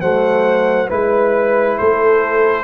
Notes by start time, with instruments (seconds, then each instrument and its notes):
0.00 tuba F#3, trombone A3, horn C5, trumpet F#5
0.88 tuba G#3, trombone E4, horn B4, trumpet B4
1.78 tuba A3, horn A4, trumpet C5